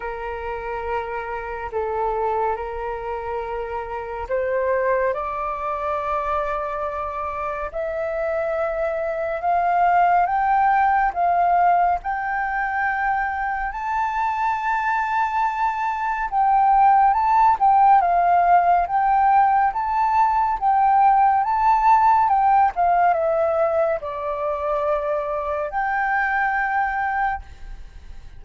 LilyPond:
\new Staff \with { instrumentName = "flute" } { \time 4/4 \tempo 4 = 70 ais'2 a'4 ais'4~ | ais'4 c''4 d''2~ | d''4 e''2 f''4 | g''4 f''4 g''2 |
a''2. g''4 | a''8 g''8 f''4 g''4 a''4 | g''4 a''4 g''8 f''8 e''4 | d''2 g''2 | }